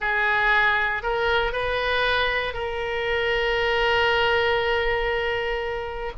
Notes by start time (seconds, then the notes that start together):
0.00 G#4
1.02 A#4
1.52 B4
2.53 A#4